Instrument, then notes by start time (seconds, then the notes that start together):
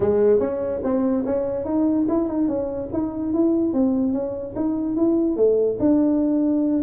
tuba
0.00 G#3
0.39 C#4
0.83 C4
1.25 C#4
1.65 D#4
2.08 E4
2.28 D#4
2.47 C#4
2.93 D#4
3.33 E4
3.73 C4
4.12 C#4
4.55 D#4
4.96 E4
5.36 A3
5.79 D4